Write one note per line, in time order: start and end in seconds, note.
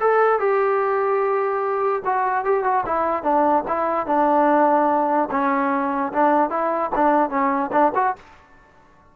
0.00 0.39 A4
0.39 2.02 G4
2.05 2.44 F#4
2.44 2.64 G4
2.64 2.84 F#4
2.86 3.23 E4
3.23 3.64 D4
3.68 4.06 E4
4.06 5.29 D4
5.30 6.12 C#4
6.12 6.50 D4
6.50 6.91 E4
6.95 7.30 D4
7.30 7.71 C#4
7.72 7.92 D4
7.95 8.15 F#4